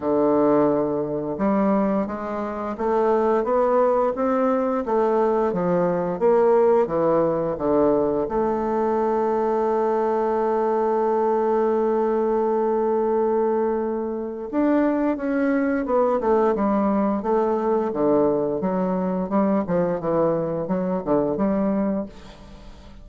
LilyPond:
\new Staff \with { instrumentName = "bassoon" } { \time 4/4 \tempo 4 = 87 d2 g4 gis4 | a4 b4 c'4 a4 | f4 ais4 e4 d4 | a1~ |
a1~ | a4 d'4 cis'4 b8 a8 | g4 a4 d4 fis4 | g8 f8 e4 fis8 d8 g4 | }